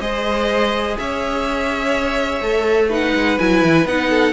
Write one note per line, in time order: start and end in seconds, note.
0.00 0.96 G#3
0.00 2.41 G#4
0.00 0.97 C5
0.00 0.97 D#5
0.97 2.41 C#4
0.97 2.89 C#5
0.97 2.89 E5
2.41 3.13 A3
2.41 2.90 A4
2.89 3.38 D#4
2.89 4.09 B4
2.89 3.39 F#5
3.14 3.38 G#3
3.39 3.63 F#3
3.39 3.87 E4
3.39 3.87 G#5
3.63 3.85 E3
3.85 4.32 B3
3.85 4.32 D#4
3.85 4.32 F#5
4.10 4.32 A4